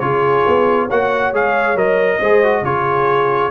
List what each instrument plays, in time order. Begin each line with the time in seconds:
0.00 tuba C#3, trombone F4, horn G#4, trumpet C#5
0.47 tuba B3
0.86 tuba A#3, trombone F#4, horn C#5, trumpet F#5
1.33 tuba G#3, trombone G#4, trumpet F5
1.75 tuba F#3, trombone A#4, trumpet D#5
2.19 tuba G#3, trombone G#4, horn C5
2.44 trombone F#4
2.62 tuba C#3, trombone F4, horn G#4, trumpet C#5